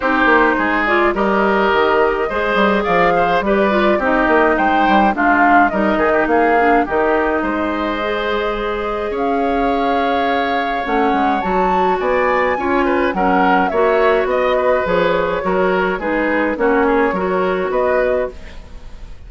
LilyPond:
<<
  \new Staff \with { instrumentName = "flute" } { \time 4/4 \tempo 4 = 105 c''4. d''8 dis''2~ | dis''4 f''4 d''4 dis''4 | g''4 f''4 dis''4 f''4 | dis''1 |
f''2. fis''4 | a''4 gis''2 fis''4 | e''4 dis''4 cis''2 | b'4 cis''2 dis''4 | }
  \new Staff \with { instrumentName = "oboe" } { \time 4/4 g'4 gis'4 ais'2 | c''4 d''8 c''8 b'4 g'4 | c''4 f'4 ais'8 gis'16 g'16 gis'4 | g'4 c''2. |
cis''1~ | cis''4 d''4 cis''8 b'8 ais'4 | cis''4 dis''8 b'4. ais'4 | gis'4 fis'8 gis'8 ais'4 b'4 | }
  \new Staff \with { instrumentName = "clarinet" } { \time 4/4 dis'4. f'8 g'2 | gis'2 g'8 f'8 dis'4~ | dis'4 d'4 dis'4. d'8 | dis'2 gis'2~ |
gis'2. cis'4 | fis'2 f'4 cis'4 | fis'2 gis'4 fis'4 | dis'4 cis'4 fis'2 | }
  \new Staff \with { instrumentName = "bassoon" } { \time 4/4 c'8 ais8 gis4 g4 dis4 | gis8 g8 f4 g4 c'8 ais8 | gis8 g8 gis4 g8 dis8 ais4 | dis4 gis2. |
cis'2. a8 gis8 | fis4 b4 cis'4 fis4 | ais4 b4 f4 fis4 | gis4 ais4 fis4 b4 | }
>>